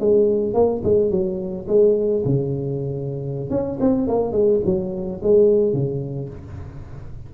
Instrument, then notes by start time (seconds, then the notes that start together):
tuba
0.00 G#3
0.54 A#3
0.84 G#3
1.11 F#3
1.68 G#3
2.25 C#3
3.51 C#4
3.81 C4
4.08 A#3
4.33 G#3
4.65 F#3
5.23 G#3
5.73 C#3